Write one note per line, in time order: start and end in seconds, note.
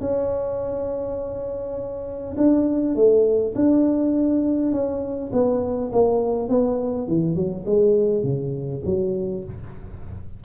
0.00 2.35 C#4
2.37 2.95 D4
2.95 3.54 A3
3.55 4.72 D4
4.72 5.31 C#4
5.32 5.91 B3
5.92 6.49 A#3
6.49 7.07 B3
7.07 7.35 E3
7.35 7.64 F#3
7.65 8.23 G#3
8.23 8.82 C#3
8.85 9.44 F#3